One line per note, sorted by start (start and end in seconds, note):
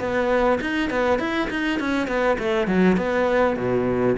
0.00 0.59 B3
0.61 0.90 D#4
0.90 1.19 B3
1.19 1.49 E4
1.50 1.80 D#4
1.80 2.08 C#4
2.08 2.38 B3
2.39 2.68 A3
2.68 2.97 F#3
2.97 3.57 B3
3.57 4.16 B2